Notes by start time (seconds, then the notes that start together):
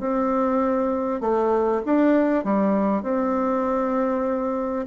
0.00 C4
1.21 A3
1.86 D4
2.45 G3
3.03 C4